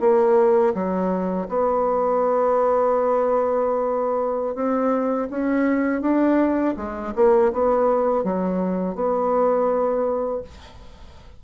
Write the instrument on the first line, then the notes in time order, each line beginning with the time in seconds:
bassoon
0.00 A#3
0.74 F#3
1.48 B3
4.55 C4
5.30 C#4
6.01 D4
6.76 G#3
7.15 A#3
7.52 B3
8.24 F#3
8.95 B3